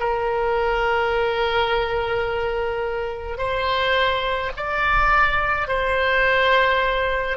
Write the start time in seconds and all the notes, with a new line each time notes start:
0.00 A#4
3.38 C5
4.56 D5
5.68 C5